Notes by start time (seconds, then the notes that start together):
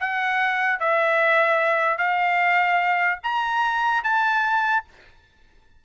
0.00 F#5
0.79 E5
1.98 F5
3.23 A#5
4.03 A5